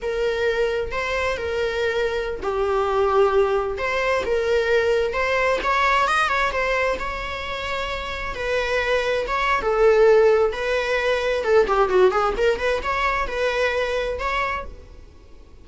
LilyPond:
\new Staff \with { instrumentName = "viola" } { \time 4/4 \tempo 4 = 131 ais'2 c''4 ais'4~ | ais'4~ ais'16 g'2~ g'8.~ | g'16 c''4 ais'2 c''8.~ | c''16 cis''4 dis''8 cis''8 c''4 cis''8.~ |
cis''2~ cis''16 b'4.~ b'16~ | b'16 cis''8. a'2 b'4~ | b'4 a'8 g'8 fis'8 gis'8 ais'8 b'8 | cis''4 b'2 cis''4 | }